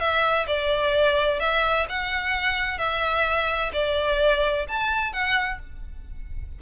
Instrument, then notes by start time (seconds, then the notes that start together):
violin
0.00 E5
0.47 D5
1.40 E5
1.89 F#5
2.78 E5
3.73 D5
4.68 A5
5.13 F#5